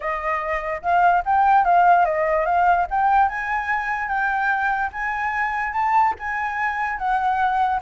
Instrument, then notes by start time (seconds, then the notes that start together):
flute
0.00 D#5
0.82 F5
1.25 G5
1.65 F5
2.05 D#5
2.45 F5
2.90 G5
3.28 G#5
4.08 G5
4.92 G#5
5.73 A5
6.19 G#5
6.98 F#5